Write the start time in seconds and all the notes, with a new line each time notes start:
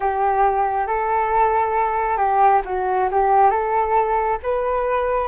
0.00 G4
0.86 A4
2.17 G4
2.65 F#4
3.11 G4
3.50 A4
4.42 B4